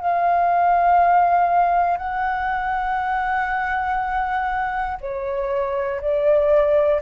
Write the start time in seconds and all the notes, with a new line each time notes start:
0.00 F5
1.97 F#5
5.00 C#5
6.01 D5